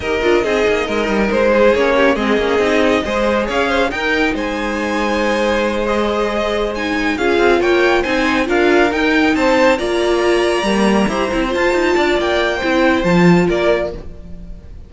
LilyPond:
<<
  \new Staff \with { instrumentName = "violin" } { \time 4/4 \tempo 4 = 138 dis''2. c''4 | cis''4 dis''2. | f''4 g''4 gis''2~ | gis''4. dis''2 gis''8~ |
gis''8 f''4 g''4 gis''4 f''8~ | f''8 g''4 a''4 ais''4.~ | ais''2~ ais''8 a''4. | g''2 a''4 d''4 | }
  \new Staff \with { instrumentName = "violin" } { \time 4/4 ais'4 gis'4 ais'4. gis'8~ | gis'8 g'8 gis'2 c''4 | cis''8 c''8 ais'4 c''2~ | c''1~ |
c''8 gis'4 cis''4 c''4 ais'8~ | ais'4. c''4 d''4.~ | d''4. c''2 d''8~ | d''4 c''2 ais'4 | }
  \new Staff \with { instrumentName = "viola" } { \time 4/4 g'8 f'8 dis'2. | cis'4 c'8 cis'8 dis'4 gis'4~ | gis'4 dis'2.~ | dis'4. gis'2 dis'8~ |
dis'8 f'2 dis'4 f'8~ | f'8 dis'2 f'4.~ | f'8 ais4 g'8 e'8 f'4.~ | f'4 e'4 f'2 | }
  \new Staff \with { instrumentName = "cello" } { \time 4/4 dis'8 d'8 c'8 ais8 gis8 g8 gis4 | ais4 gis8 ais8 c'4 gis4 | cis'4 dis'4 gis2~ | gis1~ |
gis8 cis'8 c'8 ais4 c'4 d'8~ | d'8 dis'4 c'4 ais4.~ | ais8 g4 e'8 c'8 f'8 dis'8 d'8 | ais4 c'4 f4 ais4 | }
>>